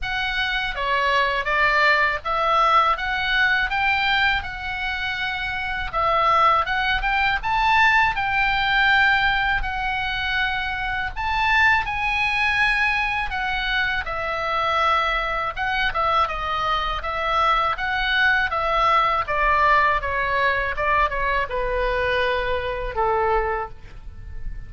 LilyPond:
\new Staff \with { instrumentName = "oboe" } { \time 4/4 \tempo 4 = 81 fis''4 cis''4 d''4 e''4 | fis''4 g''4 fis''2 | e''4 fis''8 g''8 a''4 g''4~ | g''4 fis''2 a''4 |
gis''2 fis''4 e''4~ | e''4 fis''8 e''8 dis''4 e''4 | fis''4 e''4 d''4 cis''4 | d''8 cis''8 b'2 a'4 | }